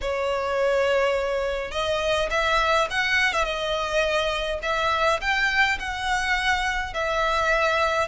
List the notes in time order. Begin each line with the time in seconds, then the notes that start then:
0.01 C#5
1.71 D#5
2.30 E5
2.90 F#5
3.33 E5
3.44 D#5
4.62 E5
5.21 G5
5.79 F#5
6.93 E5